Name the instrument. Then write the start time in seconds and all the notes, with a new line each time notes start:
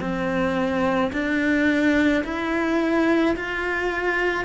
cello
0.00 C4
1.13 D4
2.24 E4
3.36 F4